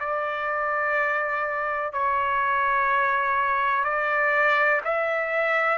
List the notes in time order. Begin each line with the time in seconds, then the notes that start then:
0.00 D5
1.93 C#5
3.84 D5
4.84 E5